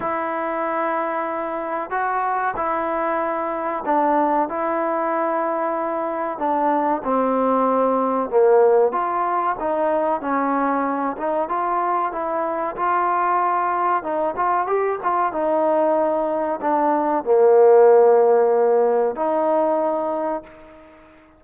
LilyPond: \new Staff \with { instrumentName = "trombone" } { \time 4/4 \tempo 4 = 94 e'2. fis'4 | e'2 d'4 e'4~ | e'2 d'4 c'4~ | c'4 ais4 f'4 dis'4 |
cis'4. dis'8 f'4 e'4 | f'2 dis'8 f'8 g'8 f'8 | dis'2 d'4 ais4~ | ais2 dis'2 | }